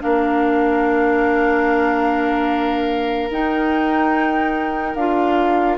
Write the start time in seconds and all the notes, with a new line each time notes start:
0.00 A#3 D4 A#4 F5
3.30 D#4 G5
4.95 D4 F4 F5